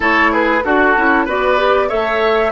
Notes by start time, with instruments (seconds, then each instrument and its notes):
0.00 bassoon A3, clarinet E4, oboe A4, flute C#5
0.32 oboe G#4, flute B4
0.63 bassoon D4, clarinet F#4, oboe F#4, flute A4
0.96 bassoon C#4, clarinet E4
1.25 bassoon B3, clarinet F#4, oboe B4, flute D5
1.57 clarinet G4
1.88 bassoon A3, clarinet A4, oboe C#5, flute E5